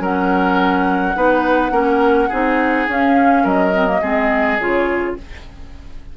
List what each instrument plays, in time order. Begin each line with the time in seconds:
0.00 bassoon F#3, clarinet C#4, oboe A#4, flute F#5
1.15 bassoon B3, clarinet D#4, oboe B4
1.71 bassoon A#3, clarinet C#4, oboe A#4
2.28 bassoon C4, clarinet D#4, oboe G#4
2.87 bassoon C#4, clarinet C#4, flute F5
3.43 bassoon F#3, oboe A#4, flute D#5
3.73 clarinet C4
3.87 clarinet A#3
4.01 bassoon G#3, clarinet C4, oboe G#4
4.58 bassoon C#3, clarinet F4, flute C#5